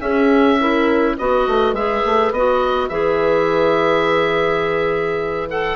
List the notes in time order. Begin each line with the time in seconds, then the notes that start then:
0.00 C#4 G#4 E5
0.60 E4 A#4
1.16 B3 F#4 B4 D#5
1.47 A3
1.73 G#3 G#4 E5
2.05 A3
2.32 B3 F#4 D#5
2.89 E3 G#4 E5
5.50 A4 F#5